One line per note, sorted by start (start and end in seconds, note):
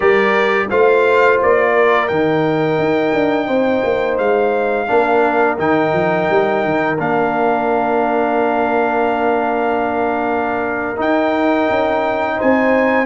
0.00 0.70 G3
0.00 0.69 G4
0.00 0.67 A#4
0.00 0.68 D5
0.69 1.40 A3
0.69 2.09 F4
0.69 1.73 C5
0.69 1.40 F5
1.42 2.09 A#3
1.42 2.08 D5
1.73 3.46 A#4
2.08 2.78 D#3
2.08 4.87 D#4
2.08 4.17 G5
2.78 3.13 D#4
3.13 3.48 D4
3.46 3.83 C4
3.46 4.86 C5
3.84 4.18 A#3
4.18 4.88 G#3
4.18 5.57 F5
4.87 5.58 A#3
4.87 5.57 D4
4.87 12.36 A#4
5.57 5.92 D#3
5.57 6.97 D#4
5.57 6.98 G5
5.92 6.27 F3
6.30 6.64 G3
6.64 6.98 D#3
6.98 10.99 A#3
6.98 10.96 D4
6.98 11.00 F5
10.96 13.05 D#4
10.96 11.68 D#4
10.96 12.40 G5
11.69 12.39 C#4
12.36 13.06 C4
12.36 13.06 C5
12.36 13.06 G#5